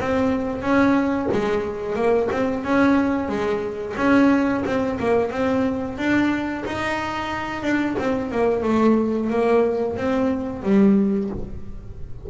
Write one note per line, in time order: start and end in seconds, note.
0.00 0.62 C4
0.62 1.28 C#4
1.32 1.95 G#3
1.95 2.29 A#3
2.31 2.64 C4
2.64 3.28 C#4
3.28 3.95 G#3
3.97 4.64 C#4
4.65 4.98 C4
4.99 5.31 A#3
5.31 5.98 C4
5.98 6.64 D4
6.65 7.62 D#4
7.62 7.96 D4
7.98 8.31 C4
8.31 8.63 A#3
8.63 9.30 A3
9.30 9.96 A#3
9.96 10.63 C4
10.63 11.29 G3